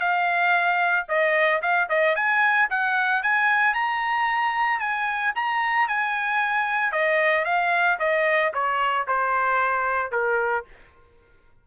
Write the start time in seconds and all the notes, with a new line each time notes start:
0.00 F5
1.09 D#5
1.62 F5
1.89 D#5
2.16 G#5
2.70 F#5
3.23 G#5
3.74 A#5
4.80 G#5
5.36 A#5
5.88 G#5
6.92 D#5
7.45 F5
7.99 D#5
8.54 C#5
9.08 C5
10.12 A#4